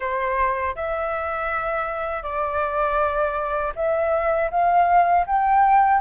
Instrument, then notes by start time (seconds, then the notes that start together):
flute
0.00 C5
0.75 E5
2.23 D5
3.75 E5
4.50 F5
5.26 G5